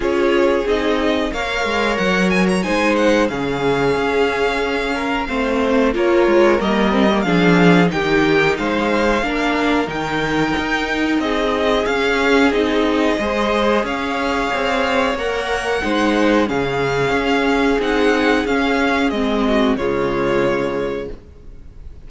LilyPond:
<<
  \new Staff \with { instrumentName = "violin" } { \time 4/4 \tempo 4 = 91 cis''4 dis''4 f''4 fis''8 gis''16 ais''16 | gis''8 fis''8 f''2.~ | f''4 cis''4 dis''4 f''4 | g''4 f''2 g''4~ |
g''4 dis''4 f''4 dis''4~ | dis''4 f''2 fis''4~ | fis''4 f''2 fis''4 | f''4 dis''4 cis''2 | }
  \new Staff \with { instrumentName = "violin" } { \time 4/4 gis'2 cis''2 | c''4 gis'2~ gis'8 ais'8 | c''4 ais'2 gis'4 | g'4 c''4 ais'2~ |
ais'4 gis'2. | c''4 cis''2. | c''4 gis'2.~ | gis'4. fis'8 f'2 | }
  \new Staff \with { instrumentName = "viola" } { \time 4/4 f'4 dis'4 ais'2 | dis'4 cis'2. | c'4 f'4 ais8 c'16 ais16 d'4 | dis'2 d'4 dis'4~ |
dis'2 cis'4 dis'4 | gis'2. ais'4 | dis'4 cis'2 dis'4 | cis'4 c'4 gis2 | }
  \new Staff \with { instrumentName = "cello" } { \time 4/4 cis'4 c'4 ais8 gis8 fis4 | gis4 cis4 cis'2 | a4 ais8 gis8 g4 f4 | dis4 gis4 ais4 dis4 |
dis'4 c'4 cis'4 c'4 | gis4 cis'4 c'4 ais4 | gis4 cis4 cis'4 c'4 | cis'4 gis4 cis2 | }
>>